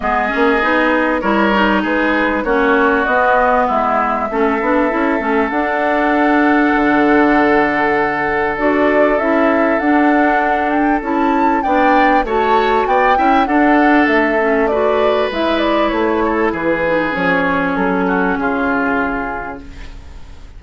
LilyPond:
<<
  \new Staff \with { instrumentName = "flute" } { \time 4/4 \tempo 4 = 98 dis''2 cis''4 b'4 | cis''4 dis''4 e''2~ | e''4 fis''2.~ | fis''2 d''4 e''4 |
fis''4. g''8 a''4 g''4 | a''4 g''4 fis''4 e''4 | d''4 e''8 d''8 cis''4 b'4 | cis''4 a'4 gis'2 | }
  \new Staff \with { instrumentName = "oboe" } { \time 4/4 gis'2 ais'4 gis'4 | fis'2 e'4 a'4~ | a'1~ | a'1~ |
a'2. d''4 | cis''4 d''8 e''8 a'2 | b'2~ b'8 a'8 gis'4~ | gis'4. fis'8 f'2 | }
  \new Staff \with { instrumentName = "clarinet" } { \time 4/4 b8 cis'8 dis'4 e'8 dis'4. | cis'4 b2 cis'8 d'8 | e'8 cis'8 d'2.~ | d'2 fis'4 e'4 |
d'2 e'4 d'4 | fis'4. e'8 d'4. cis'8 | fis'4 e'2~ e'8 dis'8 | cis'1 | }
  \new Staff \with { instrumentName = "bassoon" } { \time 4/4 gis8 ais8 b4 g4 gis4 | ais4 b4 gis4 a8 b8 | cis'8 a8 d'2 d4~ | d2 d'4 cis'4 |
d'2 cis'4 b4 | a4 b8 cis'8 d'4 a4~ | a4 gis4 a4 e4 | f4 fis4 cis2 | }
>>